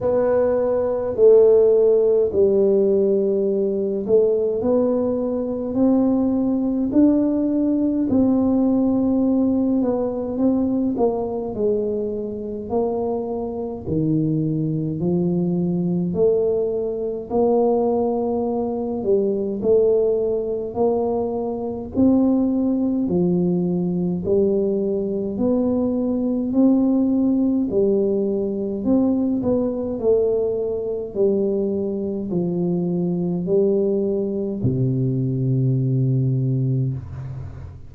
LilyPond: \new Staff \with { instrumentName = "tuba" } { \time 4/4 \tempo 4 = 52 b4 a4 g4. a8 | b4 c'4 d'4 c'4~ | c'8 b8 c'8 ais8 gis4 ais4 | dis4 f4 a4 ais4~ |
ais8 g8 a4 ais4 c'4 | f4 g4 b4 c'4 | g4 c'8 b8 a4 g4 | f4 g4 c2 | }